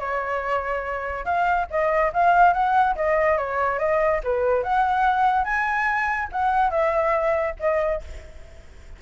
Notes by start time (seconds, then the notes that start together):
0.00 C#5
1.25 F5
1.71 D#5
2.14 F5
2.54 F#5
2.96 D#5
3.38 C#5
3.79 D#5
4.24 B4
4.63 F#5
5.45 G#5
6.33 F#5
6.71 E5
7.60 D#5